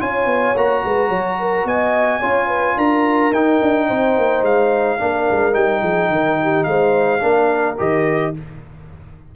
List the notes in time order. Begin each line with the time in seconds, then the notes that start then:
0.00 C#4 F4 C#5 G#5
0.26 B3
0.55 A#3 F#4 A#5
0.84 G#3 B4
1.09 F#3 C#5
1.39 A#4
1.65 B3 D#5 G#5
2.20 C#4 F4 C#5
2.48 B4
2.77 D4 A#4 A#5
3.32 D#4 G5
3.62 D4
3.87 C4 C5
4.18 A#3
4.42 G#3 F5
4.98 A#3 D4 A#4
5.31 G#3
5.53 G3 D#4 G5
5.81 F3 G#4
6.09 D#3 A#4
6.43 G4
6.64 G#3 C5 F5
7.20 A#3 D4 A#4
7.78 D#3 G4 D#5